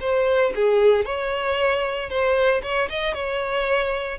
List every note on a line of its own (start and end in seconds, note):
0.00 0.52 C5
0.55 1.05 G#4
1.05 2.09 C#5
2.09 2.61 C5
2.62 2.88 C#5
2.89 3.14 D#5
3.14 4.18 C#5